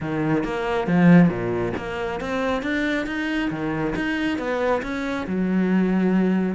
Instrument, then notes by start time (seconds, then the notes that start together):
cello
0.01 D#3
0.44 A#3
0.87 F3
1.28 A#2
1.77 A#3
2.20 C4
2.62 D4
3.06 D#4
3.50 D#3
3.95 D#4
4.38 B3
4.82 C#4
5.27 F#3